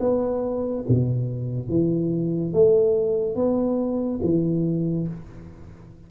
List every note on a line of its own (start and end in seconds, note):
0.00 0.85 B3
0.89 1.69 B2
1.69 2.53 E3
2.53 3.36 A3
3.36 4.20 B3
4.23 5.07 E3